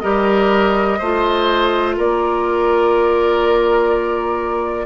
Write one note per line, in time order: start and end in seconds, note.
0.00 1.01 G3
0.00 0.99 G4
0.00 0.99 A#4
0.00 1.94 D#5
0.99 1.98 A3
0.99 4.86 F4
0.99 1.96 C5
1.97 4.86 A#3
1.97 4.86 A#4
1.97 4.86 D5